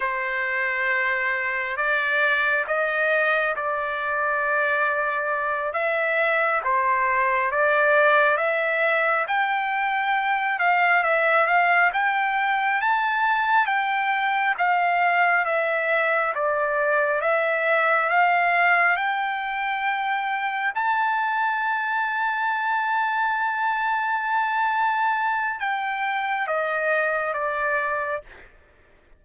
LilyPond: \new Staff \with { instrumentName = "trumpet" } { \time 4/4 \tempo 4 = 68 c''2 d''4 dis''4 | d''2~ d''8 e''4 c''8~ | c''8 d''4 e''4 g''4. | f''8 e''8 f''8 g''4 a''4 g''8~ |
g''8 f''4 e''4 d''4 e''8~ | e''8 f''4 g''2 a''8~ | a''1~ | a''4 g''4 dis''4 d''4 | }